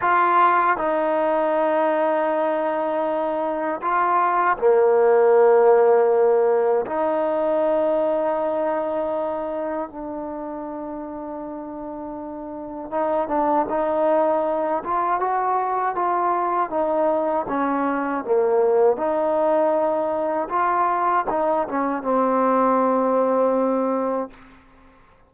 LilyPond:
\new Staff \with { instrumentName = "trombone" } { \time 4/4 \tempo 4 = 79 f'4 dis'2.~ | dis'4 f'4 ais2~ | ais4 dis'2.~ | dis'4 d'2.~ |
d'4 dis'8 d'8 dis'4. f'8 | fis'4 f'4 dis'4 cis'4 | ais4 dis'2 f'4 | dis'8 cis'8 c'2. | }